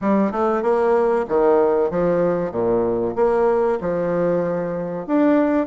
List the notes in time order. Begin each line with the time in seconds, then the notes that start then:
0.01 G3
0.31 A3
0.62 A#3
1.28 D#3
1.90 F3
2.51 A#2
3.15 A#3
3.81 F3
5.06 D4